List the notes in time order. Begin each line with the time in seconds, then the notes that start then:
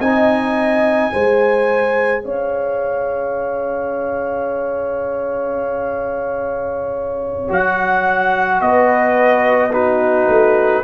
0.00 C4 D#4 D#5 G#5
1.12 G#3 G#4 C5
2.23 C#4 C#5 F5
7.49 F#3 F#4 F#5
8.61 B3 B4 D#5
9.73 D#4 F#4 B4
10.29 A3